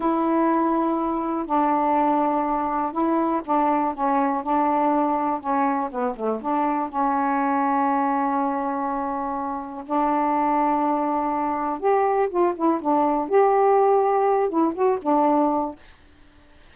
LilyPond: \new Staff \with { instrumentName = "saxophone" } { \time 4/4 \tempo 4 = 122 e'2. d'4~ | d'2 e'4 d'4 | cis'4 d'2 cis'4 | b8 a8 d'4 cis'2~ |
cis'1 | d'1 | g'4 f'8 e'8 d'4 g'4~ | g'4. e'8 fis'8 d'4. | }